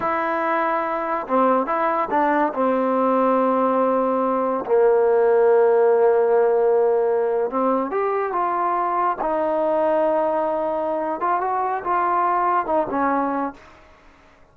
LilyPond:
\new Staff \with { instrumentName = "trombone" } { \time 4/4 \tempo 4 = 142 e'2. c'4 | e'4 d'4 c'2~ | c'2. ais4~ | ais1~ |
ais4.~ ais16 c'4 g'4 f'16~ | f'4.~ f'16 dis'2~ dis'16~ | dis'2~ dis'8 f'8 fis'4 | f'2 dis'8 cis'4. | }